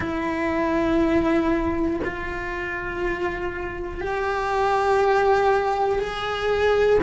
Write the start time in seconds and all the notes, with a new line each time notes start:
0.00 E4
2.04 F4
4.00 G4
5.99 G#4